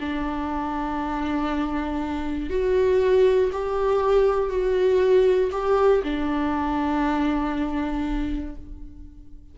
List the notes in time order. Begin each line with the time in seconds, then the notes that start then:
0.00 D4
2.50 F#4
3.52 G4
4.50 F#4
5.52 G4
6.03 D4